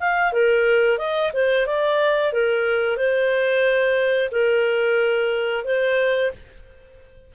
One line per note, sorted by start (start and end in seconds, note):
0.00 0.32 F5
0.32 0.98 A#4
0.98 1.32 D#5
1.33 1.66 C5
1.66 2.33 D5
2.33 2.97 A#4
2.97 4.30 C5
4.31 5.65 A#4
5.65 6.31 C5